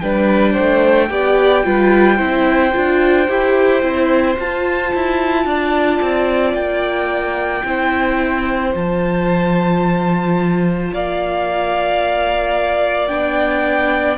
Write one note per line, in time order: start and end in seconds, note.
0.00 0.57 G3
0.00 1.09 D4
0.00 0.53 B4
0.00 4.36 G5
0.53 1.10 A3
0.53 1.07 C5
1.09 1.65 B3
1.09 1.63 G4
1.09 1.66 D5
1.63 2.20 G3
1.63 2.18 F4
1.63 2.16 B4
2.16 2.74 C4
2.16 2.72 E4
2.16 5.43 C5
2.73 3.29 D4
2.73 3.27 F4
3.28 3.83 E4
3.28 3.82 G4
3.82 4.37 C4
3.82 4.36 E4
4.39 4.94 F4
4.39 7.65 F4
4.39 6.54 A5
4.95 5.45 E4
5.45 6.00 D4
5.45 7.66 D5
6.02 6.54 C4
6.54 7.63 A#3
6.54 8.72 G5
7.65 8.74 C4
7.65 8.73 E4
7.65 10.93 C5
8.73 10.92 F3
8.73 13.09 F4
8.73 10.94 A5
10.93 13.10 A#3
10.93 14.18 D5
10.93 13.08 F5
13.08 14.18 B3
13.08 14.18 D4
13.08 14.17 G5